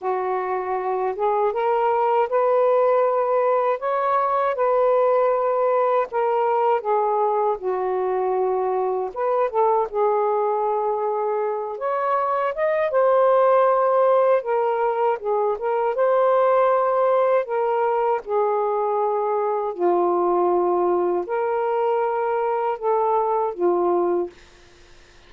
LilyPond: \new Staff \with { instrumentName = "saxophone" } { \time 4/4 \tempo 4 = 79 fis'4. gis'8 ais'4 b'4~ | b'4 cis''4 b'2 | ais'4 gis'4 fis'2 | b'8 a'8 gis'2~ gis'8 cis''8~ |
cis''8 dis''8 c''2 ais'4 | gis'8 ais'8 c''2 ais'4 | gis'2 f'2 | ais'2 a'4 f'4 | }